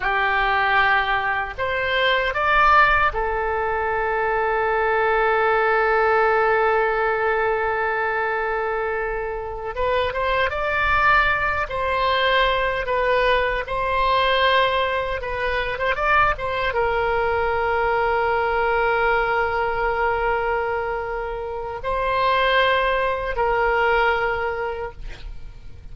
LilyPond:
\new Staff \with { instrumentName = "oboe" } { \time 4/4 \tempo 4 = 77 g'2 c''4 d''4 | a'1~ | a'1~ | a'8 b'8 c''8 d''4. c''4~ |
c''8 b'4 c''2 b'8~ | b'16 c''16 d''8 c''8 ais'2~ ais'8~ | ais'1 | c''2 ais'2 | }